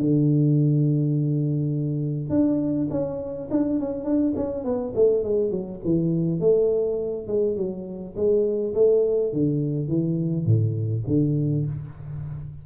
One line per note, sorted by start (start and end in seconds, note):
0.00 2.30 D3
2.30 2.88 D4
2.90 3.49 C#4
3.51 3.79 D4
3.79 4.05 C#4
4.05 4.34 D4
4.36 4.64 C#4
4.64 4.93 B3
4.95 5.24 A3
5.24 5.51 G#3
5.51 5.80 F#3
5.85 6.40 E3
6.40 7.27 A3
7.27 7.56 G#3
7.57 8.15 F#3
8.16 8.74 G#3
8.75 9.33 A3
9.33 9.88 D3
9.88 10.46 E3
10.46 11.04 A2
11.07 11.66 D3